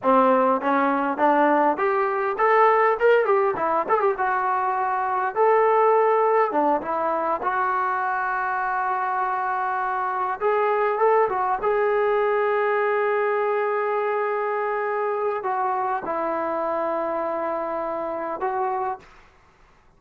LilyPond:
\new Staff \with { instrumentName = "trombone" } { \time 4/4 \tempo 4 = 101 c'4 cis'4 d'4 g'4 | a'4 ais'8 g'8 e'8 a'16 g'16 fis'4~ | fis'4 a'2 d'8 e'8~ | e'8 fis'2.~ fis'8~ |
fis'4. gis'4 a'8 fis'8 gis'8~ | gis'1~ | gis'2 fis'4 e'4~ | e'2. fis'4 | }